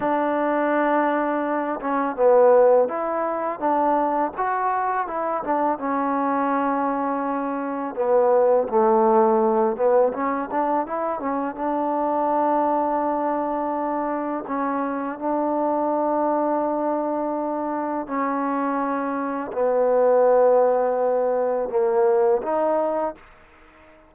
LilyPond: \new Staff \with { instrumentName = "trombone" } { \time 4/4 \tempo 4 = 83 d'2~ d'8 cis'8 b4 | e'4 d'4 fis'4 e'8 d'8 | cis'2. b4 | a4. b8 cis'8 d'8 e'8 cis'8 |
d'1 | cis'4 d'2.~ | d'4 cis'2 b4~ | b2 ais4 dis'4 | }